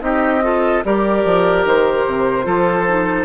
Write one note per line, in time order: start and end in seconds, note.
0.00 0.82 C4
0.00 0.41 D#4
0.00 0.44 G4
0.00 0.84 D#5
0.43 0.83 F4
0.43 0.85 A4
0.85 1.25 G3
0.85 2.43 G4
0.85 2.46 A#4
0.85 1.66 D5
1.25 1.65 F3
1.65 2.06 D#3
1.65 3.26 C5
2.07 2.46 C3
2.43 3.26 F3
2.43 2.84 F4
2.43 3.26 A4
2.89 3.26 D#4